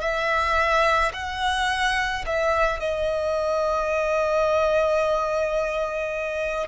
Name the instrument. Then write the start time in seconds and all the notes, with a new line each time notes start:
violin
0.00 E5
1.13 F#5
2.26 E5
2.79 D#5